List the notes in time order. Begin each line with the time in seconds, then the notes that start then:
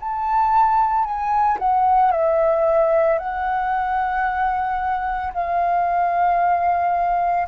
0.00 A5
1.05 G#5
1.59 F#5
2.12 E5
3.19 F#5
5.34 F5